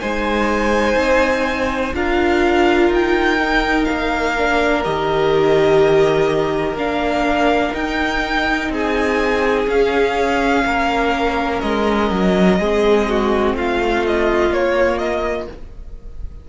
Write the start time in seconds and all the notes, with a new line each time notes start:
0.00 G#3 D#4 C5 G#5
0.96 C4
1.94 D4 F4 A#4 F5
2.89 D#4 G5
3.40 D#4
3.85 A#3 F5
4.38 D4
4.84 D#3 G4 D#5
6.74 A#3 D4 F5
7.73 D#4 G5
8.69 C4 G#4 G#5
9.67 C#4 F5
10.65 A#3 A#4
11.61 G#3 D#5
12.11 F#3
12.59 G#3 C4 G#4
13.10 F#4
13.54 A3 F4 F5
14.07 D#5
14.51 A#3 C#5
14.99 D#5